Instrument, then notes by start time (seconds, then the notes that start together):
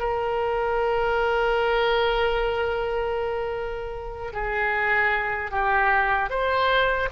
oboe
0.00 A#4
4.33 G#4
5.52 G4
6.30 C5